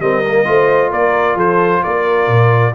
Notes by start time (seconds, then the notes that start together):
0.00 G3 C4 A#4 D#5
0.27 A#3
0.45 A3 F4 C5
0.91 A#3 A#4 D5
1.35 F3 A4 C5
1.83 A#3 A#4 D5
2.27 A#2